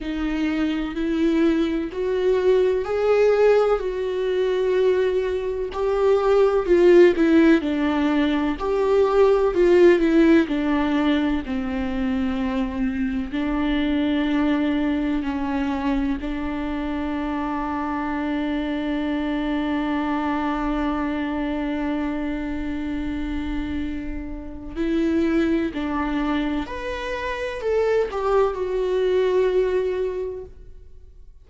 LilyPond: \new Staff \with { instrumentName = "viola" } { \time 4/4 \tempo 4 = 63 dis'4 e'4 fis'4 gis'4 | fis'2 g'4 f'8 e'8 | d'4 g'4 f'8 e'8 d'4 | c'2 d'2 |
cis'4 d'2.~ | d'1~ | d'2 e'4 d'4 | b'4 a'8 g'8 fis'2 | }